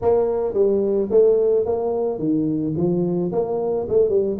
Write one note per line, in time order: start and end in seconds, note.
0.01 0.53 A#3
0.53 1.08 G3
1.10 1.65 A3
1.65 2.18 A#3
2.18 2.73 D#3
2.76 3.31 F3
3.32 3.87 A#3
3.89 4.09 A3
4.09 4.36 G3